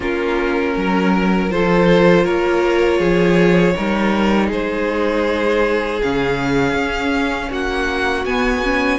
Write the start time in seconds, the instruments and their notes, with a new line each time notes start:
0.00 cello A#3, viola C#4, violin F4 A#4
0.77 cello F#3, violin A#4
1.50 cello F3, viola F4, violin A4 C5
2.24 cello A#3, violin A#4 C#5
2.99 cello F3, violin G#4
3.75 cello G3, viola D#4, violin A#4
4.46 cello G#3, violin G#4 C5
6.02 cello C#3, viola C#4, violin F5
6.74 cello C#4
7.50 cello A#3, violin F#4 F#5
8.25 cello B3, viola B3, violin G#5
8.63 viola C#4